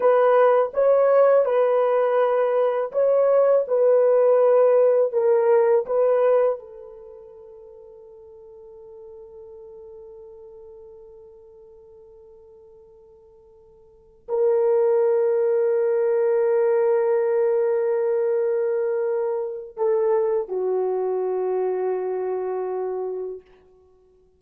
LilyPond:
\new Staff \with { instrumentName = "horn" } { \time 4/4 \tempo 4 = 82 b'4 cis''4 b'2 | cis''4 b'2 ais'4 | b'4 a'2.~ | a'1~ |
a'2.~ a'8 ais'8~ | ais'1~ | ais'2. a'4 | fis'1 | }